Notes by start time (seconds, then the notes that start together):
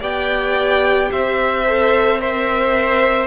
0.00 B3 G4 D5 G5
1.11 C4 C5 E5
1.66 A4
2.18 A#4 C5 E5